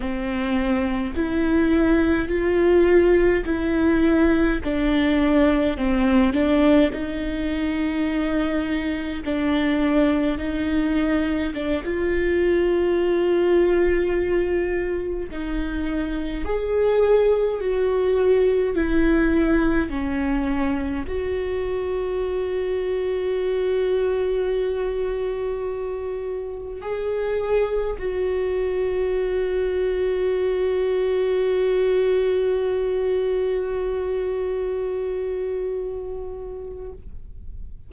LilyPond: \new Staff \with { instrumentName = "viola" } { \time 4/4 \tempo 4 = 52 c'4 e'4 f'4 e'4 | d'4 c'8 d'8 dis'2 | d'4 dis'4 d'16 f'4.~ f'16~ | f'4~ f'16 dis'4 gis'4 fis'8.~ |
fis'16 e'4 cis'4 fis'4.~ fis'16~ | fis'2.~ fis'16 gis'8.~ | gis'16 fis'2.~ fis'8.~ | fis'1 | }